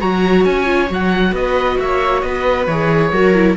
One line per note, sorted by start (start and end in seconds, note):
0.00 0.45 F#3
0.00 0.65 F#4
0.00 1.34 C#5
0.00 0.45 A#5
0.45 0.90 C#4
0.45 0.90 G#5
0.65 0.87 F4
0.89 1.32 F#3
0.89 2.66 F#4
0.89 1.35 F#5
1.32 1.77 B3
1.32 1.82 B4
1.32 1.79 D#5
1.79 2.22 A#3
1.79 2.24 C#5
1.79 2.21 E5
2.21 2.67 B3
2.21 3.13 B4
2.21 2.65 D#5
2.66 3.11 E3
2.66 3.14 G#4
2.66 3.55 C#5
3.12 3.56 F#3
3.12 3.34 F#4
3.12 3.56 A#4
3.34 3.56 E4